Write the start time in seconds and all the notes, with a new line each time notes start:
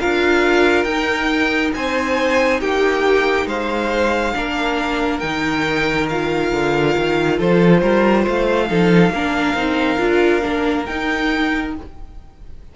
0.00 D4 F4 A#4 F5
0.84 D#4 G5
1.74 C4 C5 G#5
2.61 A#3 G4 G5
3.46 G#3 C5 F5
4.35 A#3 D4 A#4
5.20 D#3 D#4 G5
6.09 F4 F5
6.52 D3
6.97 D#3
7.37 F3 A4 C5
7.82 G3 A#4
8.22 A3 C5 F5
8.68 F3 D#4 A4
9.11 A#3 D4 A#4
9.54 C4 D#4
9.99 D4 F4
10.41 A#3 D4
10.86 D#4 G5